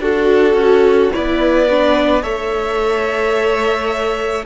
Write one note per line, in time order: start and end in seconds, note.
0.00 0.54 D4
0.00 1.12 F#4
0.00 1.13 F#4
0.00 1.13 A4
0.54 1.10 C#4
1.14 2.24 B3
1.14 1.69 E4
1.14 2.23 B4
1.14 2.23 D5
1.70 2.23 D4
2.23 4.46 A3
2.23 4.45 A4
2.23 4.45 C#5
2.23 4.46 E5